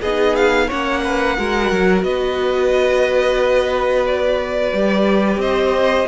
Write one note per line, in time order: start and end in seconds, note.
0.00 0.70 B3
0.00 0.70 D#4
0.00 0.67 G#4
0.00 0.35 D#5
0.36 0.69 F5
0.67 1.38 A#3
0.67 1.37 C#4
0.67 1.01 C#5
0.67 2.03 F#5
1.03 1.37 B4
1.37 1.71 G#3
1.37 4.73 F#4
1.37 2.04 A#4
1.71 2.02 F#3
2.02 4.72 B3
2.02 5.41 B4
2.02 4.05 D#5
4.06 5.41 D5
4.72 5.37 G3
4.72 6.08 G4
5.37 6.04 C4
5.37 6.08 C5
5.37 6.08 D#5